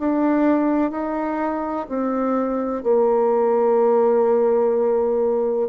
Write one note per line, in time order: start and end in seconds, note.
0.00 0.92 D4
0.92 1.87 D#4
1.89 2.84 C4
2.84 5.69 A#3